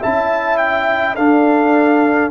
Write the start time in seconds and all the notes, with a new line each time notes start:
0.00 C#4 E4 E5 A5
0.57 G5
1.15 D4 A4 F5